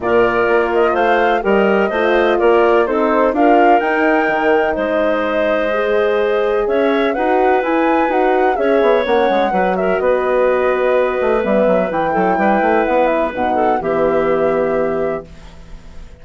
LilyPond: <<
  \new Staff \with { instrumentName = "flute" } { \time 4/4 \tempo 4 = 126 d''4. dis''8 f''4 dis''4~ | dis''4 d''4 c''4 f''4 | g''2 dis''2~ | dis''2 e''4 fis''4 |
gis''4 fis''4 e''4 fis''4~ | fis''8 e''8 dis''2. | e''4 g''2 fis''8 e''8 | fis''4 e''2. | }
  \new Staff \with { instrumentName = "clarinet" } { \time 4/4 ais'2 c''4 ais'4 | c''4 ais'4 a'4 ais'4~ | ais'2 c''2~ | c''2 cis''4 b'4~ |
b'2 cis''2 | b'8 ais'8 b'2.~ | b'4. a'8 b'2~ | b'8 a'8 g'2. | }
  \new Staff \with { instrumentName = "horn" } { \time 4/4 f'2. g'4 | f'2 dis'4 f'4 | dis'1 | gis'2. fis'4 |
e'4 fis'4 gis'4 cis'4 | fis'1 | b4 e'2. | dis'4 b2. | }
  \new Staff \with { instrumentName = "bassoon" } { \time 4/4 ais,4 ais4 a4 g4 | a4 ais4 c'4 d'4 | dis'4 dis4 gis2~ | gis2 cis'4 dis'4 |
e'4 dis'4 cis'8 b8 ais8 gis8 | fis4 b2~ b8 a8 | g8 fis8 e8 fis8 g8 a8 b4 | b,4 e2. | }
>>